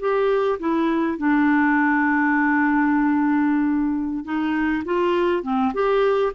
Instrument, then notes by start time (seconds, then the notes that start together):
clarinet
0.00 G4
0.60 E4
1.18 D4
4.25 D#4
4.85 F4
5.44 C4
5.74 G4